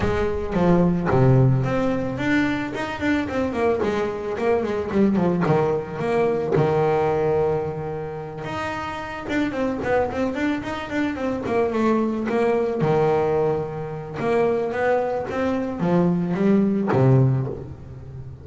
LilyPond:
\new Staff \with { instrumentName = "double bass" } { \time 4/4 \tempo 4 = 110 gis4 f4 c4 c'4 | d'4 dis'8 d'8 c'8 ais8 gis4 | ais8 gis8 g8 f8 dis4 ais4 | dis2.~ dis8 dis'8~ |
dis'4 d'8 c'8 b8 c'8 d'8 dis'8 | d'8 c'8 ais8 a4 ais4 dis8~ | dis2 ais4 b4 | c'4 f4 g4 c4 | }